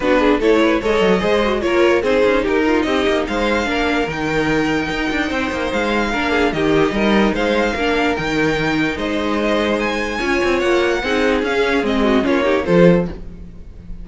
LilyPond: <<
  \new Staff \with { instrumentName = "violin" } { \time 4/4 \tempo 4 = 147 b'4 cis''4 dis''2 | cis''4 c''4 ais'4 dis''4 | f''2 g''2~ | g''2 f''2 |
dis''2 f''2 | g''2 dis''2 | gis''2 fis''2 | f''4 dis''4 cis''4 c''4 | }
  \new Staff \with { instrumentName = "violin" } { \time 4/4 fis'8 gis'8 a'8 b'8 cis''4 c''4 | ais'4 gis'4 g'8 f'8 g'4 | c''4 ais'2.~ | ais'4 c''2 ais'8 gis'8 |
g'4 ais'4 c''4 ais'4~ | ais'2 c''2~ | c''4 cis''2 gis'4~ | gis'4. fis'8 f'8 g'8 a'4 | }
  \new Staff \with { instrumentName = "viola" } { \time 4/4 d'4 e'4 a'4 gis'8 fis'8 | f'4 dis'2.~ | dis'4 d'4 dis'2~ | dis'2. d'4 |
dis'2. d'4 | dis'1~ | dis'4 f'2 dis'4 | cis'4 c'4 cis'8 dis'8 f'4 | }
  \new Staff \with { instrumentName = "cello" } { \time 4/4 b4 a4 gis8 fis8 gis4 | ais4 c'8 cis'8 dis'4 c'8 ais8 | gis4 ais4 dis2 | dis'8 d'8 c'8 ais8 gis4 ais4 |
dis4 g4 gis4 ais4 | dis2 gis2~ | gis4 cis'8 c'8 ais4 c'4 | cis'4 gis4 ais4 f4 | }
>>